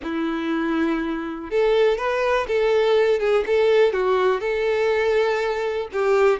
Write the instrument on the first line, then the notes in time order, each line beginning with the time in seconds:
violin
0.03 E4
1.50 A4
1.97 B4
2.47 A4
3.19 G#4
3.46 A4
3.93 F#4
4.40 A4
5.92 G4